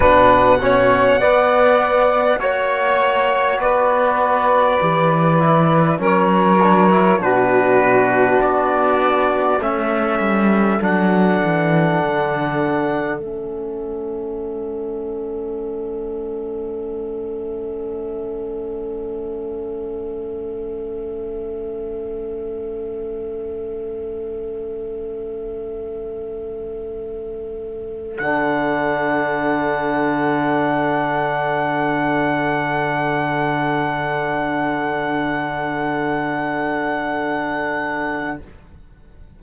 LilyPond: <<
  \new Staff \with { instrumentName = "trumpet" } { \time 4/4 \tempo 4 = 50 fis''2 cis''4 d''4~ | d''4 cis''4 b'4 d''4 | e''4 fis''2 e''4~ | e''1~ |
e''1~ | e''2.~ e''8 fis''8~ | fis''1~ | fis''1 | }
  \new Staff \with { instrumentName = "saxophone" } { \time 4/4 b'8 cis''8 d''4 cis''4 b'4~ | b'4 ais'4 fis'2 | a'1~ | a'1~ |
a'1~ | a'1~ | a'1~ | a'1 | }
  \new Staff \with { instrumentName = "trombone" } { \time 4/4 d'8 cis'8 b4 fis'2 | g'8 e'8 cis'8 d'16 e'16 d'2 | cis'4 d'2 cis'4~ | cis'1~ |
cis'1~ | cis'2.~ cis'8 d'8~ | d'1~ | d'1 | }
  \new Staff \with { instrumentName = "cello" } { \time 4/4 b,4 b4 ais4 b4 | e4 fis4 b,4 b4 | a8 g8 fis8 e8 d4 a4~ | a1~ |
a1~ | a2.~ a8 d8~ | d1~ | d1 | }
>>